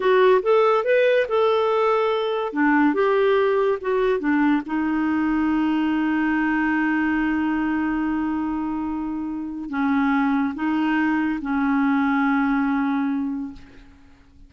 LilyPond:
\new Staff \with { instrumentName = "clarinet" } { \time 4/4 \tempo 4 = 142 fis'4 a'4 b'4 a'4~ | a'2 d'4 g'4~ | g'4 fis'4 d'4 dis'4~ | dis'1~ |
dis'1~ | dis'2. cis'4~ | cis'4 dis'2 cis'4~ | cis'1 | }